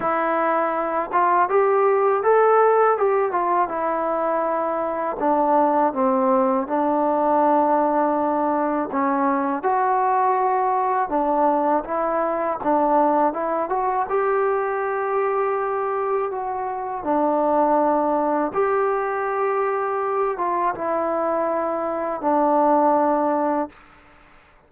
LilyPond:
\new Staff \with { instrumentName = "trombone" } { \time 4/4 \tempo 4 = 81 e'4. f'8 g'4 a'4 | g'8 f'8 e'2 d'4 | c'4 d'2. | cis'4 fis'2 d'4 |
e'4 d'4 e'8 fis'8 g'4~ | g'2 fis'4 d'4~ | d'4 g'2~ g'8 f'8 | e'2 d'2 | }